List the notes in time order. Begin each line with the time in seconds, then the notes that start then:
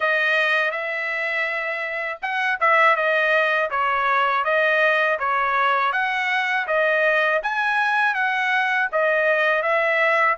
0.00 D#5
0.71 E5
2.22 F#5
2.60 E5
2.96 D#5
3.70 C#5
4.44 D#5
5.19 C#5
5.92 F#5
6.67 D#5
7.42 G#5
8.14 F#5
8.92 D#5
9.62 E5